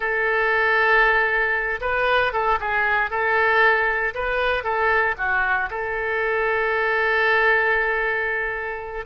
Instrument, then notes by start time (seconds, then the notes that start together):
oboe
0.00 A4
1.81 B4
2.33 A4
2.60 G#4
3.10 A4
4.14 B4
4.63 A4
5.17 F#4
5.70 A4